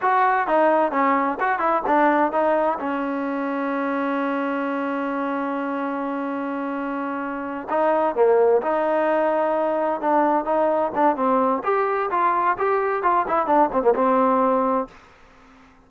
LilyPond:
\new Staff \with { instrumentName = "trombone" } { \time 4/4 \tempo 4 = 129 fis'4 dis'4 cis'4 fis'8 e'8 | d'4 dis'4 cis'2~ | cis'1~ | cis'1~ |
cis'8 dis'4 ais4 dis'4.~ | dis'4. d'4 dis'4 d'8 | c'4 g'4 f'4 g'4 | f'8 e'8 d'8 c'16 ais16 c'2 | }